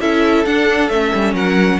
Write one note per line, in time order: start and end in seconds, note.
0.00 0.45 C#4
0.00 0.45 E4
0.00 1.34 A4
0.00 0.45 E5
0.45 0.90 D4
0.45 0.89 F#5
0.89 1.12 A3
0.89 1.80 C#4
0.89 1.34 E5
1.14 1.34 G3
1.34 1.78 F#3
1.34 1.79 A#4
1.34 1.80 F#5